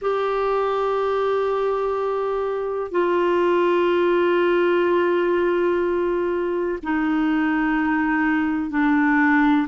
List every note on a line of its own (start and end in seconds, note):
0.01 2.91 G4
2.91 6.78 F4
6.82 8.70 D#4
8.70 9.67 D4